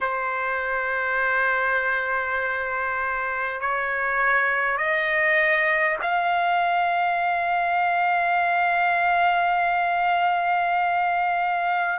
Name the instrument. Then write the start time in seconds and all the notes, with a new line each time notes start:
trumpet
0.00 C5
3.61 C#5
4.77 D#5
6.02 F5